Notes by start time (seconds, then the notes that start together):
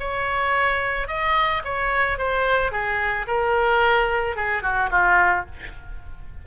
0.00 C#5
1.08 D#5
1.65 C#5
2.18 C5
2.72 G#4
3.28 A#4
4.37 G#4
4.63 F#4
4.91 F4